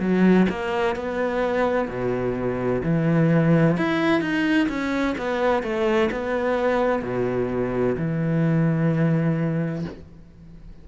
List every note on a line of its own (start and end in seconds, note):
0.00 0.47 F#3
0.50 0.96 A#3
0.96 1.88 B3
1.88 2.82 B2
2.83 3.77 E3
3.77 4.21 E4
4.21 4.68 D#4
4.69 5.16 C#4
5.18 5.63 B3
5.63 6.10 A3
6.12 7.02 B3
7.02 7.96 B2
7.98 9.85 E3